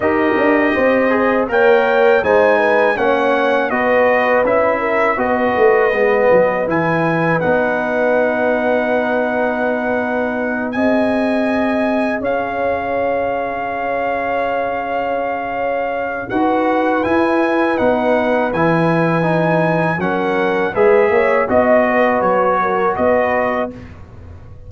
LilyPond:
<<
  \new Staff \with { instrumentName = "trumpet" } { \time 4/4 \tempo 4 = 81 dis''2 g''4 gis''4 | fis''4 dis''4 e''4 dis''4~ | dis''4 gis''4 fis''2~ | fis''2~ fis''8 gis''4.~ |
gis''8 f''2.~ f''8~ | f''2 fis''4 gis''4 | fis''4 gis''2 fis''4 | e''4 dis''4 cis''4 dis''4 | }
  \new Staff \with { instrumentName = "horn" } { \time 4/4 ais'4 c''4 cis''4 c''8 b'8 | cis''4 b'4. ais'8 b'4~ | b'1~ | b'2~ b'8 dis''4.~ |
dis''8 cis''2.~ cis''8~ | cis''2 b'2~ | b'2. ais'4 | b'8 cis''8 dis''8 b'4 ais'8 b'4 | }
  \new Staff \with { instrumentName = "trombone" } { \time 4/4 g'4. gis'8 ais'4 dis'4 | cis'4 fis'4 e'4 fis'4 | b4 e'4 dis'2~ | dis'2~ dis'8 gis'4.~ |
gis'1~ | gis'2 fis'4 e'4 | dis'4 e'4 dis'4 cis'4 | gis'4 fis'2. | }
  \new Staff \with { instrumentName = "tuba" } { \time 4/4 dis'8 d'8 c'4 ais4 gis4 | ais4 b4 cis'4 b8 a8 | gis8 fis8 e4 b2~ | b2~ b8 c'4.~ |
c'8 cis'2.~ cis'8~ | cis'2 dis'4 e'4 | b4 e2 fis4 | gis8 ais8 b4 fis4 b4 | }
>>